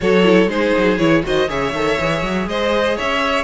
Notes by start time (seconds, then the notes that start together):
0.00 F#3 F#4 A4 C#5
0.23 E4
0.47 G#3 D#4 G#4 C5
0.77 F#3
0.97 E3 E4 C#5
1.23 D#3 F#4 C5 D#5
1.48 C#3 G#4 C#5 E5
1.73 D#3 A4
1.99 E3 G#4
2.22 F#3
2.46 G#3 C5 D#5
2.96 C#4 C#5 E5